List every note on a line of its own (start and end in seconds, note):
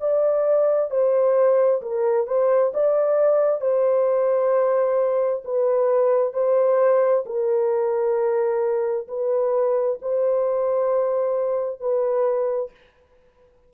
0.00 0.90 D5
0.90 1.81 C5
1.82 2.27 A#4
2.27 2.72 C5
2.74 3.61 D5
3.61 5.43 C5
5.45 6.33 B4
6.33 7.24 C5
7.26 9.07 A#4
9.08 9.99 B4
10.02 11.80 C5
11.80 12.71 B4